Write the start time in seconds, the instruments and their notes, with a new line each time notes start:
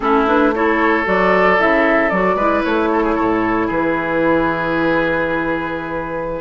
0.00 bassoon A3, clarinet C#4, oboe E4, flute A4
0.26 clarinet D4, flute B4
0.54 clarinet E4, oboe A4, flute C#5
1.04 bassoon F#3, clarinet F#4, flute D5
1.57 bassoon C#3, clarinet E4, flute E5
2.09 bassoon F#3, clarinet F#4, flute D5
2.35 bassoon G#3, clarinet E4, oboe B4
2.63 bassoon A3, flute C#5
2.92 oboe A4
3.03 oboe G#4
3.14 bassoon A2, oboe A4
3.67 bassoon E3, oboe G#4, flute B4